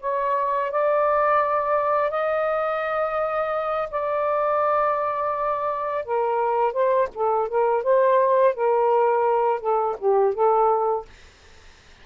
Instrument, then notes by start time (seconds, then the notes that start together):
saxophone
0.00 C#5
0.71 D5
2.10 D#5
3.90 D5
6.05 A#4
6.73 C5
7.14 A4
7.48 A#4
7.83 C5
8.55 A#4
9.60 A4
9.98 G4
10.34 A4